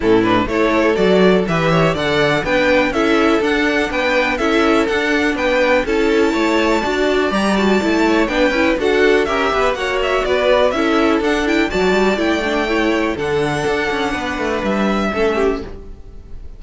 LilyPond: <<
  \new Staff \with { instrumentName = "violin" } { \time 4/4 \tempo 4 = 123 a'8 b'8 cis''4 d''4 e''4 | fis''4 g''4 e''4 fis''4 | g''4 e''4 fis''4 g''4 | a''2. ais''8 a''8~ |
a''4 g''4 fis''4 e''4 | fis''8 e''8 d''4 e''4 fis''8 g''8 | a''4 g''2 fis''4~ | fis''2 e''2 | }
  \new Staff \with { instrumentName = "violin" } { \time 4/4 e'4 a'2 b'8 cis''8 | d''4 b'4 a'2 | b'4 a'2 b'4 | a'4 cis''4 d''2~ |
d''8 cis''8 b'4 a'4 ais'8 b'8 | cis''4 b'4 a'2 | d''2 cis''4 a'4~ | a'4 b'2 a'8 g'8 | }
  \new Staff \with { instrumentName = "viola" } { \time 4/4 cis'8 d'8 e'4 fis'4 g'4 | a'4 d'4 e'4 d'4~ | d'4 e'4 d'2 | e'2 fis'4 g'8 fis'8 |
e'4 d'8 e'8 fis'4 g'4 | fis'2 e'4 d'8 e'8 | fis'4 e'8 d'8 e'4 d'4~ | d'2. cis'4 | }
  \new Staff \with { instrumentName = "cello" } { \time 4/4 a,4 a4 fis4 e4 | d4 b4 cis'4 d'4 | b4 cis'4 d'4 b4 | cis'4 a4 d'4 g4 |
a4 b8 cis'8 d'4 cis'8 b8 | ais4 b4 cis'4 d'4 | fis8 g8 a2 d4 | d'8 cis'8 b8 a8 g4 a4 | }
>>